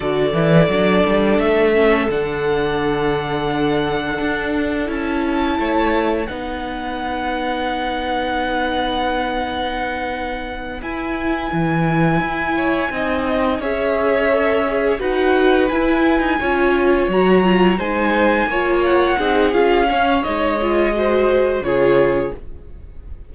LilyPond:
<<
  \new Staff \with { instrumentName = "violin" } { \time 4/4 \tempo 4 = 86 d''2 e''4 fis''4~ | fis''2. a''4~ | a''4 fis''2.~ | fis''2.~ fis''8 gis''8~ |
gis''2.~ gis''8 e''8~ | e''4. fis''4 gis''4.~ | gis''8 ais''4 gis''4. fis''4 | f''4 dis''2 cis''4 | }
  \new Staff \with { instrumentName = "violin" } { \time 4/4 a'1~ | a'1 | cis''4 b'2.~ | b'1~ |
b'2 cis''8 dis''4 cis''8~ | cis''4. b'2 cis''8~ | cis''4. c''4 cis''4 gis'8~ | gis'8 cis''4. c''4 gis'4 | }
  \new Staff \with { instrumentName = "viola" } { \time 4/4 fis'8 e'8 d'4. cis'8 d'4~ | d'2. e'4~ | e'4 dis'2.~ | dis'2.~ dis'8 e'8~ |
e'2~ e'8 dis'4 gis'8~ | gis'8 a'8 gis'8 fis'4 e'4 f'8~ | f'8 fis'8 f'8 dis'4 f'4 dis'8 | f'8 cis'8 dis'8 f'8 fis'4 f'4 | }
  \new Staff \with { instrumentName = "cello" } { \time 4/4 d8 e8 fis8 g8 a4 d4~ | d2 d'4 cis'4 | a4 b2.~ | b2.~ b8 e'8~ |
e'8 e4 e'4 c'4 cis'8~ | cis'4. dis'4 e'8. dis'16 cis'8~ | cis'8 fis4 gis4 ais4 c'8 | cis'4 gis2 cis4 | }
>>